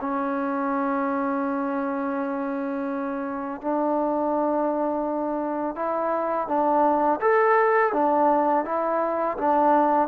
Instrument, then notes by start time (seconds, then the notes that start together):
trombone
0.00 C#4
3.61 D4
5.75 E4
6.47 D4
7.21 A4
7.93 D4
8.65 E4
9.37 D4